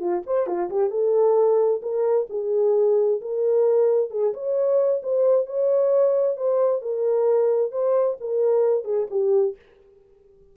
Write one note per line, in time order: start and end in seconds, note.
0.00 0.23 F4
0.27 0.47 C5
0.47 0.70 F4
0.70 0.90 G4
0.90 1.81 A4
1.82 2.27 A#4
2.30 3.21 G#4
3.21 4.11 A#4
4.11 4.33 G#4
4.34 5.02 C#5
5.03 5.46 C5
5.46 6.37 C#5
6.37 6.82 C5
6.82 7.72 A#4
7.72 8.17 C5
8.20 8.85 A#4
8.85 9.07 G#4
9.11 9.56 G4